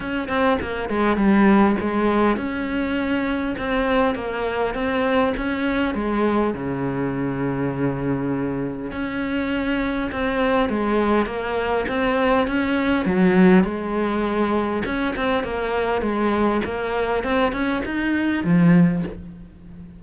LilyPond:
\new Staff \with { instrumentName = "cello" } { \time 4/4 \tempo 4 = 101 cis'8 c'8 ais8 gis8 g4 gis4 | cis'2 c'4 ais4 | c'4 cis'4 gis4 cis4~ | cis2. cis'4~ |
cis'4 c'4 gis4 ais4 | c'4 cis'4 fis4 gis4~ | gis4 cis'8 c'8 ais4 gis4 | ais4 c'8 cis'8 dis'4 f4 | }